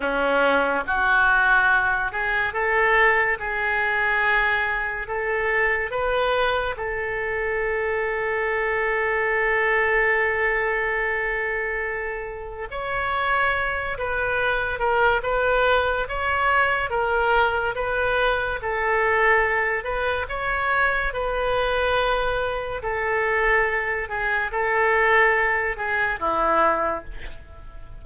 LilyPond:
\new Staff \with { instrumentName = "oboe" } { \time 4/4 \tempo 4 = 71 cis'4 fis'4. gis'8 a'4 | gis'2 a'4 b'4 | a'1~ | a'2. cis''4~ |
cis''8 b'4 ais'8 b'4 cis''4 | ais'4 b'4 a'4. b'8 | cis''4 b'2 a'4~ | a'8 gis'8 a'4. gis'8 e'4 | }